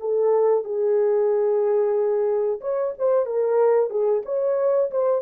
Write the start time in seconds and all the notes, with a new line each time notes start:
0.00 A4
0.65 G#4
2.61 C#5
2.98 C5
3.26 A#4
3.90 G#4
4.25 C#5
4.91 C5